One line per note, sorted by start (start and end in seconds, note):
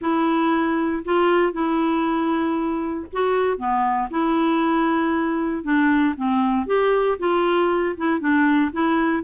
0.01 1.03 E4
1.04 1.52 F4
1.52 3.06 E4
3.13 3.57 F#4
3.57 4.08 B3
4.10 5.63 E4
5.63 6.14 D4
6.16 6.66 C4
6.66 7.17 G4
7.18 7.95 F4
7.97 8.20 E4
8.20 8.71 D4
8.72 9.23 E4